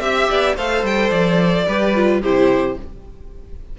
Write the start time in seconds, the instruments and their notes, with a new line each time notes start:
0.00 cello C4, viola G4, violin E5
0.30 cello B3, violin D5
0.55 cello A3, viola A4, violin C5 F5
0.83 cello G3, violin G5
1.10 cello F3, violin D5
1.67 cello G3, viola G4, violin B4
1.95 viola F4
2.21 cello C3, viola E4, violin G4 C5